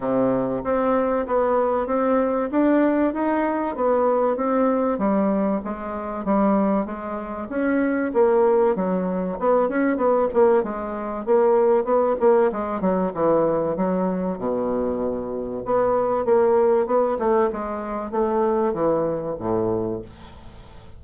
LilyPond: \new Staff \with { instrumentName = "bassoon" } { \time 4/4 \tempo 4 = 96 c4 c'4 b4 c'4 | d'4 dis'4 b4 c'4 | g4 gis4 g4 gis4 | cis'4 ais4 fis4 b8 cis'8 |
b8 ais8 gis4 ais4 b8 ais8 | gis8 fis8 e4 fis4 b,4~ | b,4 b4 ais4 b8 a8 | gis4 a4 e4 a,4 | }